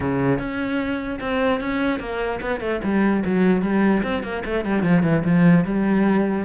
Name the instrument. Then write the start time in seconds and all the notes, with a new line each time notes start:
cello
0.00 C#3
0.38 C#4
1.20 C4
1.60 C#4
1.99 A#3
2.41 B3
2.60 A3
2.83 G3
3.25 F#3
3.62 G3
4.03 C4
4.23 A#3
4.45 A3
4.64 G3
4.82 F3
5.02 E3
5.24 F3
5.64 G3